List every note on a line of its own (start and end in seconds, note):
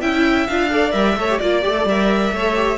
0.00 0.48 C#4
0.00 0.48 E4
0.00 0.70 E5
0.00 0.47 G5
0.47 0.93 D4
0.47 0.70 F4
0.47 0.91 F5
0.70 0.91 A4
0.70 1.18 D5
0.91 1.16 G3
0.91 1.14 A#4
0.91 1.38 E5
1.16 1.39 A3
1.16 1.29 A4
1.16 1.41 C#5
1.29 1.41 G4
1.38 1.64 A#3
1.38 1.62 F4
1.38 1.84 D5
1.38 2.34 D5
1.62 1.84 A3
1.62 1.73 G4
1.77 1.88 A4
1.84 2.31 G3
1.84 2.36 A#4
1.84 2.78 E5
2.31 2.77 A3
2.31 2.55 A4
2.31 2.78 C#5
2.55 2.78 G4